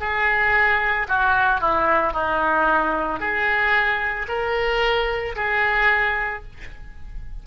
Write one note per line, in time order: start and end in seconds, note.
0.00 1.07 G#4
1.09 1.61 F#4
1.61 2.13 E4
2.13 3.20 D#4
3.20 4.27 G#4
4.29 5.36 A#4
5.36 6.43 G#4